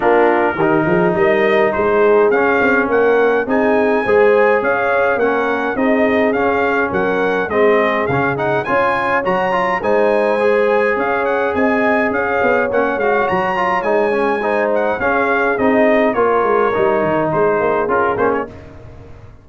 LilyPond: <<
  \new Staff \with { instrumentName = "trumpet" } { \time 4/4 \tempo 4 = 104 ais'2 dis''4 c''4 | f''4 fis''4 gis''2 | f''4 fis''4 dis''4 f''4 | fis''4 dis''4 f''8 fis''8 gis''4 |
ais''4 gis''2 f''8 fis''8 | gis''4 f''4 fis''8 f''8 ais''4 | gis''4. fis''8 f''4 dis''4 | cis''2 c''4 ais'8 c''16 cis''16 | }
  \new Staff \with { instrumentName = "horn" } { \time 4/4 f'4 g'8 gis'8 ais'4 gis'4~ | gis'4 ais'4 gis'4 c''4 | cis''4 ais'4 gis'2 | ais'4 gis'2 cis''4~ |
cis''4 c''2 cis''4 | dis''4 cis''2.~ | cis''4 c''4 gis'2 | ais'2 gis'2 | }
  \new Staff \with { instrumentName = "trombone" } { \time 4/4 d'4 dis'2. | cis'2 dis'4 gis'4~ | gis'4 cis'4 dis'4 cis'4~ | cis'4 c'4 cis'8 dis'8 f'4 |
fis'8 f'8 dis'4 gis'2~ | gis'2 cis'8 fis'4 f'8 | dis'8 cis'8 dis'4 cis'4 dis'4 | f'4 dis'2 f'8 cis'8 | }
  \new Staff \with { instrumentName = "tuba" } { \time 4/4 ais4 dis8 f8 g4 gis4 | cis'8 c'8 ais4 c'4 gis4 | cis'4 ais4 c'4 cis'4 | fis4 gis4 cis4 cis'4 |
fis4 gis2 cis'4 | c'4 cis'8 b8 ais8 gis8 fis4 | gis2 cis'4 c'4 | ais8 gis8 g8 dis8 gis8 ais8 cis'8 ais8 | }
>>